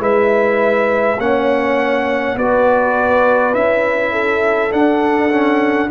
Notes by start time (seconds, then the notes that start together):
0.00 G#3 E4 B4 E5
1.18 A#3 C#4 C#5 F#5
2.36 B3 F#4 B4 D5
3.54 C#4 E4 E5
4.12 A4
4.71 D4 F#5
5.31 C#4